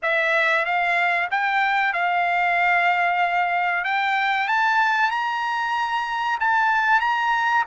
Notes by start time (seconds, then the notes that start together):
0.02 E5
0.65 F5
1.30 G5
1.93 F5
3.84 G5
4.47 A5
5.10 A#5
6.40 A5
7.00 A#5